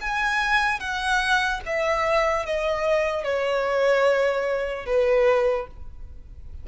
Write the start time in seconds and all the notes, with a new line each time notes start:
0.00 G#5
0.79 F#5
1.65 E5
2.45 D#5
3.24 C#5
4.85 B4